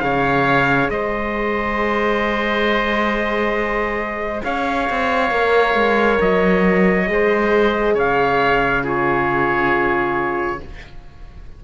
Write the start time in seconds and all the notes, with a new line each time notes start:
0.00 C#3 G#4 C#5 F5
0.89 G#3 C5 D#5
4.44 C#4 C#5 F5
4.90 C4
5.31 A#3 A#4
5.74 G#3
6.21 F#3 D#5
7.07 G#3 G#4 C5
7.94 C#3 C#5 F5
8.83 F4 G#4 C#5